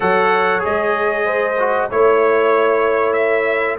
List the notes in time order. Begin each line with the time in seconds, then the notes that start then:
0.00 F#3 A4 C#5 F#5
0.59 G#3 G#4 D#5
1.25 C5
1.58 F#4
1.90 A3 E4 C#5
3.13 E5